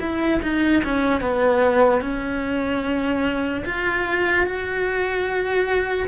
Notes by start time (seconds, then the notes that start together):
0.00 E4
0.42 D#4
0.84 C#4
1.21 B3
2.01 C#4
3.65 F4
4.46 F#4